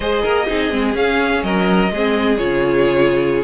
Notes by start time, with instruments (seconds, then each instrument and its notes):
0.00 cello G#3, viola G#4, violin C5 D#5
0.22 cello A#3, violin A#4
0.47 cello C4, viola D#4, violin G#4
0.70 cello G#3, viola C4
0.93 viola C#4, cello C#4, violin F5
1.42 cello F#3, violin A#4 D#5
1.90 cello G#3, viola C4, violin G#4
2.37 cello C#3, viola F4, violin C#5